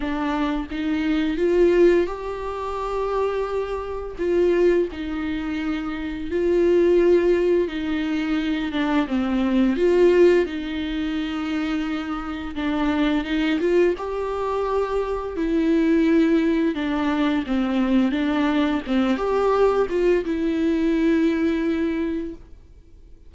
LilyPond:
\new Staff \with { instrumentName = "viola" } { \time 4/4 \tempo 4 = 86 d'4 dis'4 f'4 g'4~ | g'2 f'4 dis'4~ | dis'4 f'2 dis'4~ | dis'8 d'8 c'4 f'4 dis'4~ |
dis'2 d'4 dis'8 f'8 | g'2 e'2 | d'4 c'4 d'4 c'8 g'8~ | g'8 f'8 e'2. | }